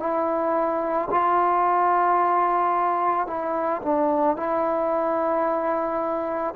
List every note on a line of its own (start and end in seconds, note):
0.00 1.09 E4
1.11 3.27 F4
3.27 3.82 E4
3.82 4.37 D4
4.37 6.55 E4